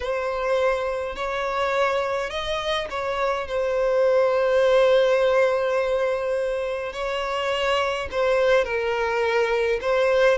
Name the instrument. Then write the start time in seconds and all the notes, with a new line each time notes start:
violin
0.00 C5
1.15 C#5
2.29 D#5
2.90 C#5
3.47 C5
6.93 C#5
8.11 C5
8.64 A#4
9.81 C5